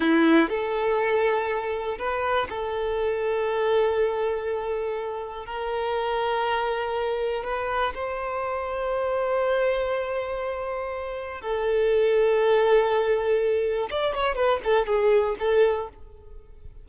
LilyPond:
\new Staff \with { instrumentName = "violin" } { \time 4/4 \tempo 4 = 121 e'4 a'2. | b'4 a'2.~ | a'2. ais'4~ | ais'2. b'4 |
c''1~ | c''2. a'4~ | a'1 | d''8 cis''8 b'8 a'8 gis'4 a'4 | }